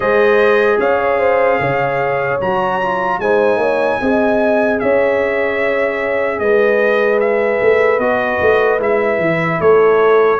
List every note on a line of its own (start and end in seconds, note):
0.00 0.79 G#3
0.00 2.40 G#4
0.00 0.79 C5
0.00 0.79 D#5
0.79 1.59 C#4
0.79 1.19 C#5
0.79 2.40 F5
1.19 1.59 C5
1.60 2.40 C#3
1.60 3.21 C#5
2.40 3.19 F#3
2.40 2.81 F#4
2.40 3.20 A#5
2.82 3.22 F4
3.19 3.56 G#3
3.19 4.01 D#4
3.19 3.59 C5
3.19 4.79 G#5
3.56 3.96 A#3
3.56 3.99 C#5
4.00 4.81 C4
4.00 7.99 G#4
4.00 4.81 D#5
4.79 6.39 C#4
4.79 6.41 C#5
4.79 6.39 E5
6.39 7.59 G#3
6.39 9.61 B4
6.39 7.19 D#5
7.20 7.99 E5
7.61 7.98 A3
7.98 8.38 B3
7.98 8.79 F#4
7.98 8.79 D#5
8.41 8.78 A3
8.78 9.18 G#3
8.78 10.38 E4
8.78 9.60 E5
9.18 9.58 E3
9.60 10.39 A3
9.60 10.39 A4
9.60 10.39 C#5